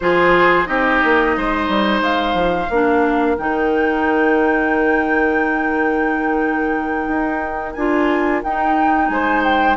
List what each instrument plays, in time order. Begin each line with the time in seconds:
0.00 bassoon F3, clarinet F4, oboe G#4, flute C5
0.65 bassoon C4, clarinet D#4, oboe G4, flute D#5
1.04 bassoon A#3
1.36 bassoon G#3, oboe C5
1.68 bassoon G3
2.01 bassoon G#3, flute F5
2.33 bassoon F3
2.69 bassoon A#3, clarinet D4, oboe A#4
3.37 bassoon D#3, clarinet D#4, flute G5
7.07 bassoon D#4
7.73 bassoon D4, clarinet F4, flute G#5
8.43 bassoon D#4, clarinet D#4, flute G5
9.08 bassoon G#3, oboe C5, flute G#5
9.43 flute G5